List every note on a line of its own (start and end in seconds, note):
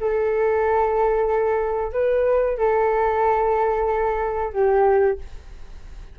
0.00 1.92 A4
1.92 2.58 B4
2.58 4.53 A4
4.53 5.18 G4